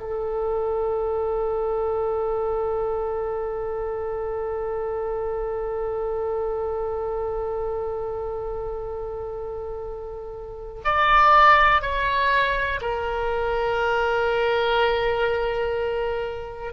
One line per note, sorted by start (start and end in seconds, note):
0.00 10.82 A4
10.85 11.82 D5
11.82 12.80 C#5
12.81 16.73 A#4